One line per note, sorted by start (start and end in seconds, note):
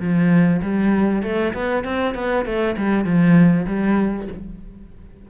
0.00 0.61 F3
0.62 1.23 G3
1.23 1.53 A3
1.54 1.84 B3
1.84 2.15 C4
2.15 2.45 B3
2.45 2.76 A3
2.77 3.05 G3
3.05 3.66 F3
3.67 4.28 G3